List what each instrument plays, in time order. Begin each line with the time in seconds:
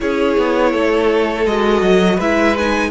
0.00 cello C#4, viola E4, violin G#4 C#5
0.37 cello B3
0.71 cello A3, violin A4
1.46 cello G#3, viola F#4, violin D#5
1.81 cello F#3
2.16 cello G#3, viola E4, violin B4 E5
2.58 viola D#4, violin G#5